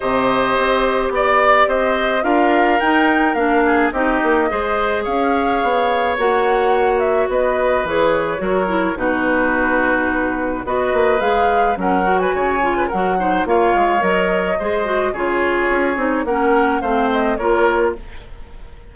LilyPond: <<
  \new Staff \with { instrumentName = "flute" } { \time 4/4 \tempo 4 = 107 dis''2 d''4 dis''4 | f''4 g''4 f''4 dis''4~ | dis''4 f''2 fis''4~ | fis''8 e''8 dis''4 cis''2 |
b'2. dis''4 | f''4 fis''8. gis''4~ gis''16 fis''4 | f''4 dis''2 cis''4~ | cis''4 fis''4 f''8 dis''8 cis''4 | }
  \new Staff \with { instrumentName = "oboe" } { \time 4/4 c''2 d''4 c''4 | ais'2~ ais'8 gis'8 g'4 | c''4 cis''2.~ | cis''4 b'2 ais'4 |
fis'2. b'4~ | b'4 ais'8. b'16 cis''8. b'16 ais'8 c''8 | cis''2 c''4 gis'4~ | gis'4 ais'4 c''4 ais'4 | }
  \new Staff \with { instrumentName = "clarinet" } { \time 4/4 g'1 | f'4 dis'4 d'4 dis'4 | gis'2. fis'4~ | fis'2 gis'4 fis'8 e'8 |
dis'2. fis'4 | gis'4 cis'8 fis'4 f'8 fis'8 dis'8 | f'4 ais'4 gis'8 fis'8 f'4~ | f'8 dis'8 cis'4 c'4 f'4 | }
  \new Staff \with { instrumentName = "bassoon" } { \time 4/4 c4 c'4 b4 c'4 | d'4 dis'4 ais4 c'8 ais8 | gis4 cis'4 b4 ais4~ | ais4 b4 e4 fis4 |
b,2. b8 ais8 | gis4 fis4 cis4 fis4 | ais8 gis8 fis4 gis4 cis4 | cis'8 c'8 ais4 a4 ais4 | }
>>